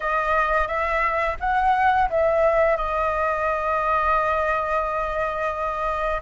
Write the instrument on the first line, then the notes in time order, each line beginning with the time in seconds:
flute
0.00 D#5
0.67 E5
1.39 F#5
2.09 E5
2.76 D#5